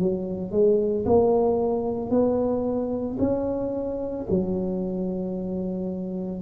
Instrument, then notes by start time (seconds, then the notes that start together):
tuba
0.00 F#3
0.52 G#3
1.06 A#3
2.11 B3
3.19 C#4
4.30 F#3